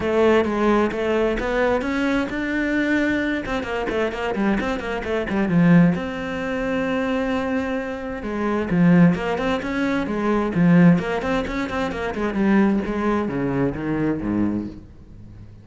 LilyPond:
\new Staff \with { instrumentName = "cello" } { \time 4/4 \tempo 4 = 131 a4 gis4 a4 b4 | cis'4 d'2~ d'8 c'8 | ais8 a8 ais8 g8 c'8 ais8 a8 g8 | f4 c'2.~ |
c'2 gis4 f4 | ais8 c'8 cis'4 gis4 f4 | ais8 c'8 cis'8 c'8 ais8 gis8 g4 | gis4 cis4 dis4 gis,4 | }